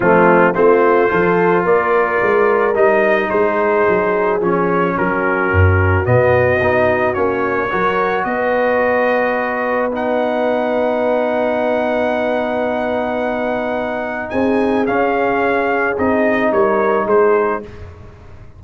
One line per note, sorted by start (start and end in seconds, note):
0.00 0.54 F3
0.00 0.54 A3
0.00 0.54 C4
0.00 0.54 F4
0.54 1.11 A3
0.54 1.08 C4
0.54 1.10 F4
0.54 1.65 C5
1.08 1.64 F3
1.08 2.73 F4
1.08 1.63 A4
1.63 2.19 A#3
1.63 3.28 A#4
1.63 2.75 D5
2.22 2.75 G#3
2.75 3.30 G3
2.75 4.40 D#4
2.75 3.29 D#5
3.29 3.87 G#3
3.29 4.95 G#4
3.29 4.40 C5
3.89 4.40 F#3
4.40 4.95 F3
4.40 6.04 C#4
4.40 4.97 C#5
4.97 5.51 F#3
4.97 7.69 F#4
4.97 6.05 A#4
5.51 6.06 F#2
6.04 6.60 B2
6.04 6.59 B3
6.04 7.14 D#5
6.60 7.15 B3
6.60 7.14 D#4
7.14 7.71 A#3
7.14 7.69 C#4
7.14 8.24 C#5
7.69 8.24 F#3
7.69 9.91 F#4
7.69 8.24 A#4
8.24 14.30 B3
8.24 14.31 B4
8.24 9.89 D#5
9.91 14.86 D#4
9.91 14.30 F#5
14.30 14.87 C4
14.30 16.51 G#4
14.30 14.85 G#5
14.86 15.96 C#4
14.86 15.97 C#4
14.86 15.96 F5
15.97 16.51 C4
15.97 17.62 D#4
15.97 16.52 D#5
16.51 17.06 G3
16.51 17.05 A#4
16.51 17.07 C#5
17.05 17.61 G#3
17.05 17.60 G#4
17.05 17.63 C5